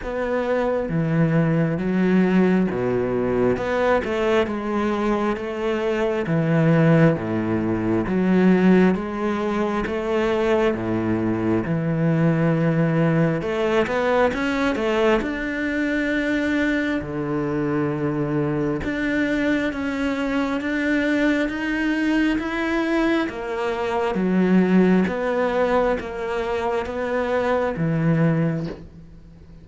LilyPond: \new Staff \with { instrumentName = "cello" } { \time 4/4 \tempo 4 = 67 b4 e4 fis4 b,4 | b8 a8 gis4 a4 e4 | a,4 fis4 gis4 a4 | a,4 e2 a8 b8 |
cis'8 a8 d'2 d4~ | d4 d'4 cis'4 d'4 | dis'4 e'4 ais4 fis4 | b4 ais4 b4 e4 | }